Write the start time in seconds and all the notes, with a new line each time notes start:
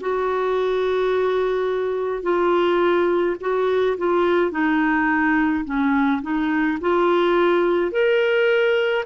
0.00 F#4
2.22 F4
3.40 F#4
3.97 F4
4.51 D#4
5.64 C#4
6.22 D#4
6.81 F4
7.91 A#4